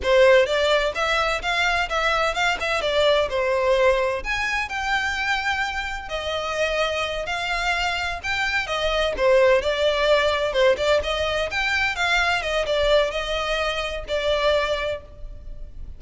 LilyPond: \new Staff \with { instrumentName = "violin" } { \time 4/4 \tempo 4 = 128 c''4 d''4 e''4 f''4 | e''4 f''8 e''8 d''4 c''4~ | c''4 gis''4 g''2~ | g''4 dis''2~ dis''8 f''8~ |
f''4. g''4 dis''4 c''8~ | c''8 d''2 c''8 d''8 dis''8~ | dis''8 g''4 f''4 dis''8 d''4 | dis''2 d''2 | }